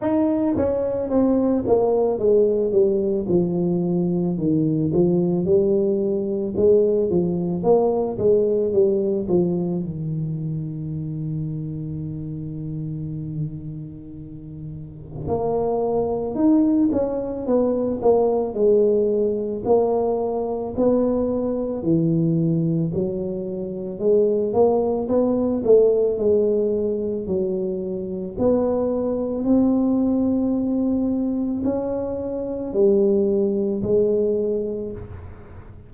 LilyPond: \new Staff \with { instrumentName = "tuba" } { \time 4/4 \tempo 4 = 55 dis'8 cis'8 c'8 ais8 gis8 g8 f4 | dis8 f8 g4 gis8 f8 ais8 gis8 | g8 f8 dis2.~ | dis2 ais4 dis'8 cis'8 |
b8 ais8 gis4 ais4 b4 | e4 fis4 gis8 ais8 b8 a8 | gis4 fis4 b4 c'4~ | c'4 cis'4 g4 gis4 | }